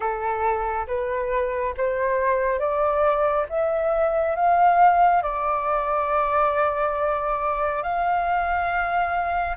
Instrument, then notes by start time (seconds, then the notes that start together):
flute
0.00 A4
0.87 B4
1.77 C5
2.59 D5
3.49 E5
4.35 F5
5.22 D5
7.82 F5